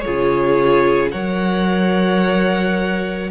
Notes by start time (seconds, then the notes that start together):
0.00 F4 G#4 C#5
0.07 C#3
1.12 F#3 A#4 C#5 F#5